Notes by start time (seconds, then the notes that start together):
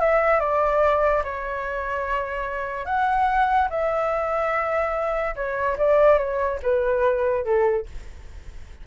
0.00 E5
0.40 D5
1.24 C#5
2.86 F#5
3.70 E5
5.36 C#5
5.78 D5
6.18 C#5
6.63 B4
7.45 A4